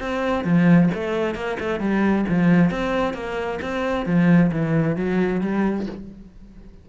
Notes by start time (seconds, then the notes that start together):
0.00 C4
0.44 F3
0.94 A3
1.35 A#3
1.60 A3
1.80 G3
2.29 F3
2.71 C4
3.14 A#3
3.62 C4
4.06 F3
4.52 E3
4.97 F#3
5.41 G3